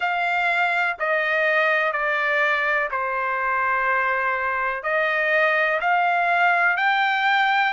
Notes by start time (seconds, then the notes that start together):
0.00 F5
0.99 D#5
1.92 D5
2.90 C5
4.83 D#5
5.81 F5
6.77 G5